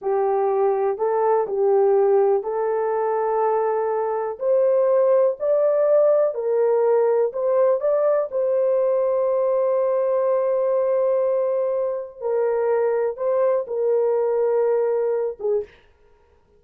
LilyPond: \new Staff \with { instrumentName = "horn" } { \time 4/4 \tempo 4 = 123 g'2 a'4 g'4~ | g'4 a'2.~ | a'4 c''2 d''4~ | d''4 ais'2 c''4 |
d''4 c''2.~ | c''1~ | c''4 ais'2 c''4 | ais'2.~ ais'8 gis'8 | }